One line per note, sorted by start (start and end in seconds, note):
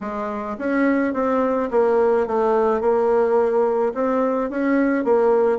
0.00 0.56 G#3
0.58 1.13 C#4
1.13 1.69 C4
1.71 2.26 A#3
2.26 2.80 A3
2.80 3.93 A#3
3.94 4.50 C4
4.50 5.04 C#4
5.04 5.58 A#3